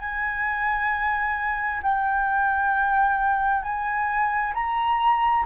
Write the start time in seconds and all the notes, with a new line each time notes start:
0.00 G#5
1.83 G5
3.63 G#5
4.55 A#5